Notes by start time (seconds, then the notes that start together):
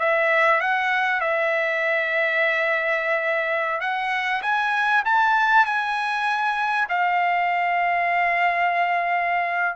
0.00 E5
0.61 F#5
1.21 E5
3.81 F#5
4.42 G#5
5.05 A5
5.66 G#5
6.90 F5